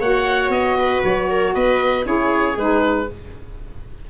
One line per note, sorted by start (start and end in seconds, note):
0.00 0.49 A#3
0.00 2.03 F#4
0.00 0.77 C#5
0.00 0.51 F#5
0.49 1.01 B3
0.49 1.02 D#5
0.78 1.29 B4
1.04 1.55 F#3
1.04 1.54 C#5
1.30 1.55 A#4
1.54 2.06 B3
1.54 2.06 B4
1.54 2.06 D#5
2.03 2.57 C#4
2.03 2.55 E4
2.03 3.09 G#4
2.03 2.58 C#5
2.57 3.08 G#3
2.57 3.09 D#4
2.57 3.10 B4